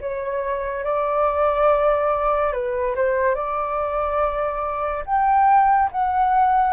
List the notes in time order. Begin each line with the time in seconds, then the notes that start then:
0.00 C#5
0.84 D5
2.53 B4
2.95 C5
3.35 D5
5.05 G5
5.91 F#5